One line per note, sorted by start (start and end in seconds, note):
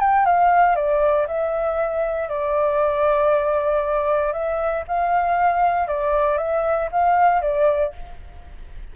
0.00 0.26 G5
0.26 0.76 F5
0.76 1.27 D5
1.28 2.29 E5
2.29 4.33 D5
4.33 4.84 E5
4.88 5.88 F5
5.88 6.38 D5
6.38 6.89 E5
6.92 7.42 F5
7.42 7.93 D5